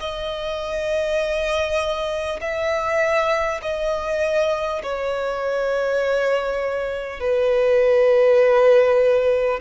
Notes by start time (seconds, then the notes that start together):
0.00 D#5
2.41 E5
3.62 D#5
4.83 C#5
7.21 B4